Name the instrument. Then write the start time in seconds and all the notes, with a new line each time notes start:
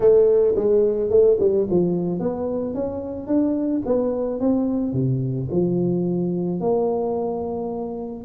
tuba
0.00 A3
0.55 G#3
1.10 A3
1.39 G3
1.70 F3
2.19 B3
2.74 C#4
3.27 D4
3.85 B3
4.39 C4
4.92 C3
5.51 F3
6.60 A#3